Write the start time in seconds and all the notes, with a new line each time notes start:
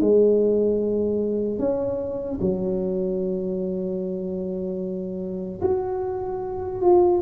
0.00 G#3
1.58 C#4
2.40 F#3
5.61 F#4
6.81 F4